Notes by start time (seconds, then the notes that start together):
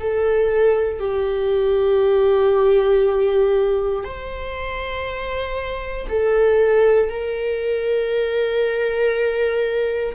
0.00 A4
1.00 G4
4.04 C5
6.09 A4
7.10 A#4